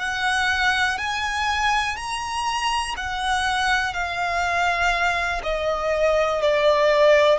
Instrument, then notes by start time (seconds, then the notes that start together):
violin
0.00 F#5
0.98 G#5
1.97 A#5
2.97 F#5
3.94 F5
5.44 D#5
6.42 D5